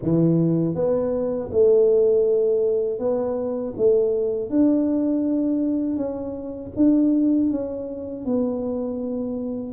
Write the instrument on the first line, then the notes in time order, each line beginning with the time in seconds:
tuba
0.02 E3
0.74 B3
1.51 A3
2.98 B3
3.76 A3
4.49 D4
5.96 C#4
6.75 D4
7.50 C#4
8.25 B3